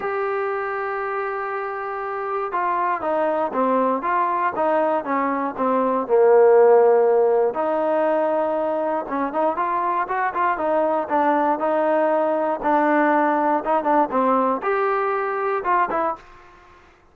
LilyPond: \new Staff \with { instrumentName = "trombone" } { \time 4/4 \tempo 4 = 119 g'1~ | g'4 f'4 dis'4 c'4 | f'4 dis'4 cis'4 c'4 | ais2. dis'4~ |
dis'2 cis'8 dis'8 f'4 | fis'8 f'8 dis'4 d'4 dis'4~ | dis'4 d'2 dis'8 d'8 | c'4 g'2 f'8 e'8 | }